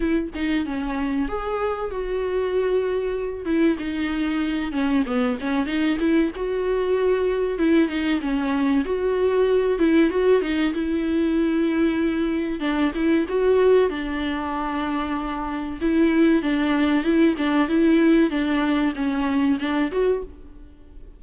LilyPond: \new Staff \with { instrumentName = "viola" } { \time 4/4 \tempo 4 = 95 e'8 dis'8 cis'4 gis'4 fis'4~ | fis'4. e'8 dis'4. cis'8 | b8 cis'8 dis'8 e'8 fis'2 | e'8 dis'8 cis'4 fis'4. e'8 |
fis'8 dis'8 e'2. | d'8 e'8 fis'4 d'2~ | d'4 e'4 d'4 e'8 d'8 | e'4 d'4 cis'4 d'8 fis'8 | }